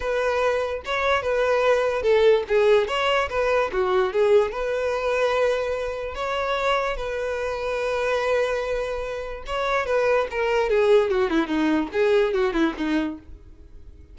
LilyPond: \new Staff \with { instrumentName = "violin" } { \time 4/4 \tempo 4 = 146 b'2 cis''4 b'4~ | b'4 a'4 gis'4 cis''4 | b'4 fis'4 gis'4 b'4~ | b'2. cis''4~ |
cis''4 b'2.~ | b'2. cis''4 | b'4 ais'4 gis'4 fis'8 e'8 | dis'4 gis'4 fis'8 e'8 dis'4 | }